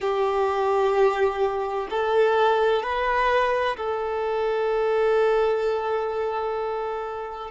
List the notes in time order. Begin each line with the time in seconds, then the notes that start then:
0.00 G4
1.90 A4
2.82 B4
3.76 A4